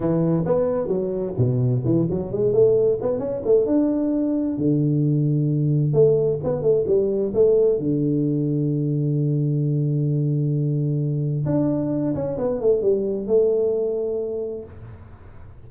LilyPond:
\new Staff \with { instrumentName = "tuba" } { \time 4/4 \tempo 4 = 131 e4 b4 fis4 b,4 | e8 fis8 gis8 a4 b8 cis'8 a8 | d'2 d2~ | d4 a4 b8 a8 g4 |
a4 d2.~ | d1~ | d4 d'4. cis'8 b8 a8 | g4 a2. | }